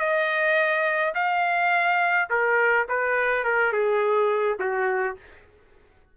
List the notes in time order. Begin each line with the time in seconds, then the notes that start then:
0.00 D#5
1.15 F5
2.30 A#4
2.89 B4
3.45 A#4
3.73 G#4
4.60 F#4